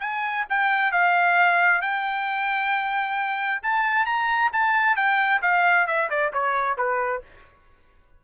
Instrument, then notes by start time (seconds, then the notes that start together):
trumpet
0.00 G#5
0.49 G5
0.91 F5
1.81 G5
3.62 A5
4.06 A#5
4.52 A5
4.96 G5
5.42 F5
5.87 E5
6.09 D5
6.32 C#5
6.77 B4